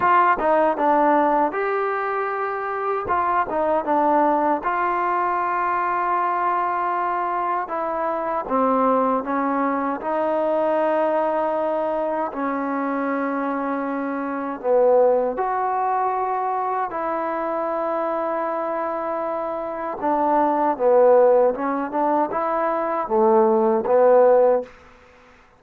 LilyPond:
\new Staff \with { instrumentName = "trombone" } { \time 4/4 \tempo 4 = 78 f'8 dis'8 d'4 g'2 | f'8 dis'8 d'4 f'2~ | f'2 e'4 c'4 | cis'4 dis'2. |
cis'2. b4 | fis'2 e'2~ | e'2 d'4 b4 | cis'8 d'8 e'4 a4 b4 | }